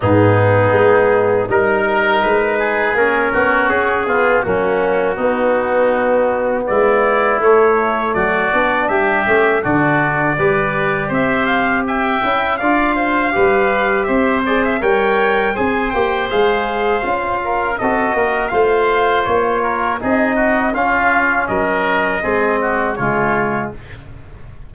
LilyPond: <<
  \new Staff \with { instrumentName = "trumpet" } { \time 4/4 \tempo 4 = 81 gis'2 ais'4 b'4 | ais'4 gis'4 fis'2~ | fis'4 d''4 cis''4 d''4 | e''4 d''2 e''8 f''8 |
g''4 f''2 e''8 d''16 e''16 | g''4 gis''8 g''8 f''2 | dis''4 f''4 cis''4 dis''4 | f''4 dis''2 cis''4 | }
  \new Staff \with { instrumentName = "oboe" } { \time 4/4 dis'2 ais'4. gis'8~ | gis'8 fis'4 f'8 cis'4 dis'4~ | dis'4 e'2 fis'4 | g'4 fis'4 b'4 c''4 |
e''4 d''8 c''8 b'4 c''4 | cis''4 c''2~ c''8 ais'8 | a'8 ais'8 c''4. ais'8 gis'8 fis'8 | f'4 ais'4 gis'8 fis'8 f'4 | }
  \new Staff \with { instrumentName = "trombone" } { \time 4/4 b2 dis'2 | cis'4. b8 ais4 b4~ | b2 a4. d'8~ | d'8 cis'8 d'4 g'2~ |
g'8 e'8 f'4 g'4. gis'8 | ais'4 gis'8 g'8 gis'4 f'4 | fis'4 f'2 dis'4 | cis'2 c'4 gis4 | }
  \new Staff \with { instrumentName = "tuba" } { \time 4/4 gis,4 gis4 g4 gis4 | ais8 b8 cis'8 b8 fis4 b4~ | b4 gis4 a4 fis8 b8 | g8 a8 d4 g4 c'4~ |
c'8 cis'8 d'4 g4 c'4 | g4 c'8 ais8 gis4 cis'4 | c'8 ais8 a4 ais4 c'4 | cis'4 fis4 gis4 cis4 | }
>>